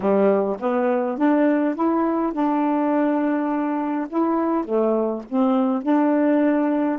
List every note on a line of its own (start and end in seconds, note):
0.00 0.56 G3
0.59 1.17 B3
1.17 1.75 D4
1.75 2.32 E4
2.32 4.07 D4
4.09 4.64 E4
4.64 5.22 A3
5.29 5.82 C4
5.82 6.99 D4